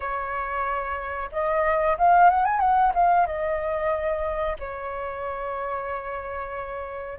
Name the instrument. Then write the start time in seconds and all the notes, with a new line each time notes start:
flute
0.00 C#5
1.32 D#5
1.98 F5
2.30 F#5
2.45 G#5
2.59 F#5
2.94 F5
3.26 D#5
4.59 C#5